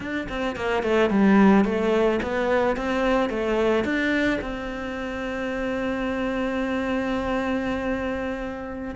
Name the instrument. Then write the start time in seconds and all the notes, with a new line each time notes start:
cello
0.00 D4
0.28 C4
0.56 A#3
0.82 A3
1.09 G3
1.64 A3
2.22 B3
2.76 C4
3.29 A3
3.84 D4
4.41 C4